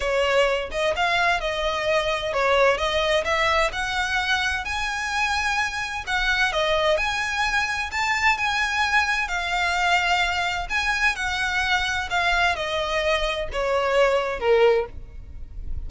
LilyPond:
\new Staff \with { instrumentName = "violin" } { \time 4/4 \tempo 4 = 129 cis''4. dis''8 f''4 dis''4~ | dis''4 cis''4 dis''4 e''4 | fis''2 gis''2~ | gis''4 fis''4 dis''4 gis''4~ |
gis''4 a''4 gis''2 | f''2. gis''4 | fis''2 f''4 dis''4~ | dis''4 cis''2 ais'4 | }